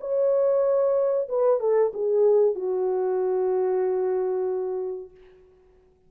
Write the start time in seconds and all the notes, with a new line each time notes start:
0.00 C#5
1.28 B4
1.60 A4
1.93 G#4
2.55 F#4